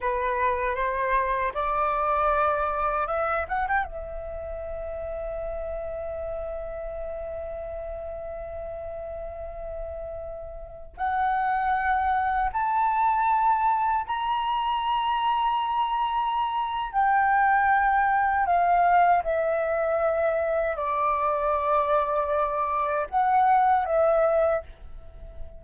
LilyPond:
\new Staff \with { instrumentName = "flute" } { \time 4/4 \tempo 4 = 78 b'4 c''4 d''2 | e''8 fis''16 g''16 e''2.~ | e''1~ | e''2~ e''16 fis''4.~ fis''16~ |
fis''16 a''2 ais''4.~ ais''16~ | ais''2 g''2 | f''4 e''2 d''4~ | d''2 fis''4 e''4 | }